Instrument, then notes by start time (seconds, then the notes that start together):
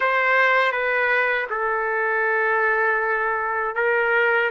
trumpet
0.00 C5
0.72 B4
1.50 A4
3.75 A#4